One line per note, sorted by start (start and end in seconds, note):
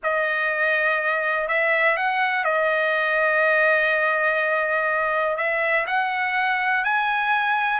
0.03 1.48 D#5
1.48 1.96 E5
1.96 2.44 F#5
2.44 5.37 D#5
5.37 5.86 E5
5.86 6.84 F#5
6.84 7.79 G#5